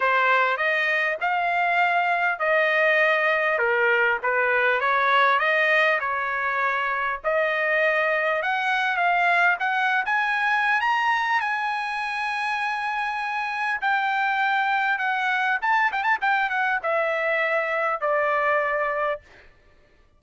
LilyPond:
\new Staff \with { instrumentName = "trumpet" } { \time 4/4 \tempo 4 = 100 c''4 dis''4 f''2 | dis''2 ais'4 b'4 | cis''4 dis''4 cis''2 | dis''2 fis''4 f''4 |
fis''8. gis''4~ gis''16 ais''4 gis''4~ | gis''2. g''4~ | g''4 fis''4 a''8 g''16 a''16 g''8 fis''8 | e''2 d''2 | }